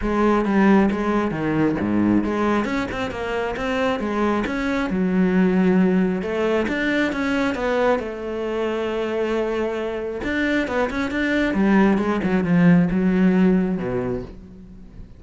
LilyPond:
\new Staff \with { instrumentName = "cello" } { \time 4/4 \tempo 4 = 135 gis4 g4 gis4 dis4 | gis,4 gis4 cis'8 c'8 ais4 | c'4 gis4 cis'4 fis4~ | fis2 a4 d'4 |
cis'4 b4 a2~ | a2. d'4 | b8 cis'8 d'4 g4 gis8 fis8 | f4 fis2 b,4 | }